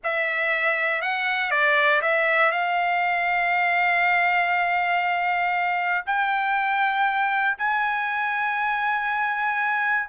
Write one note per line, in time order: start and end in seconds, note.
0.03 1.01 E5
1.01 1.50 F#5
1.50 2.01 D5
2.01 2.51 E5
2.51 6.04 F5
6.06 7.57 G5
7.58 10.09 G#5